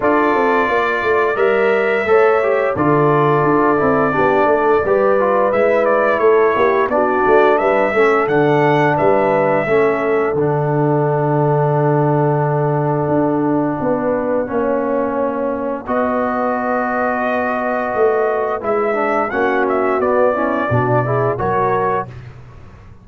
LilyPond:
<<
  \new Staff \with { instrumentName = "trumpet" } { \time 4/4 \tempo 4 = 87 d''2 e''2 | d''1 | e''8 d''8 cis''4 d''4 e''4 | fis''4 e''2 fis''4~ |
fis''1~ | fis''2. dis''4~ | dis''2. e''4 | fis''8 e''8 d''2 cis''4 | }
  \new Staff \with { instrumentName = "horn" } { \time 4/4 a'4 d''2 cis''4 | a'2 g'8 a'8 b'4~ | b'4 a'8 g'8 fis'4 b'8 a'8~ | a'4 b'4 a'2~ |
a'1 | b'4 cis''2 b'4~ | b'1 | fis'4. e'8 fis'8 gis'8 ais'4 | }
  \new Staff \with { instrumentName = "trombone" } { \time 4/4 f'2 ais'4 a'8 g'8 | f'4. e'8 d'4 g'8 f'8 | e'2 d'4. cis'8 | d'2 cis'4 d'4~ |
d'1~ | d'4 cis'2 fis'4~ | fis'2. e'8 d'8 | cis'4 b8 cis'8 d'8 e'8 fis'4 | }
  \new Staff \with { instrumentName = "tuba" } { \time 4/4 d'8 c'8 ais8 a8 g4 a4 | d4 d'8 c'8 b8 a8 g4 | gis4 a8 ais8 b8 a8 g8 a8 | d4 g4 a4 d4~ |
d2. d'4 | b4 ais2 b4~ | b2 a4 gis4 | ais4 b4 b,4 fis4 | }
>>